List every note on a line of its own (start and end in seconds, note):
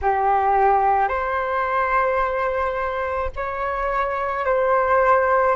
0.02 1.08 G4
1.08 3.30 C5
3.35 4.44 C#5
4.44 5.55 C5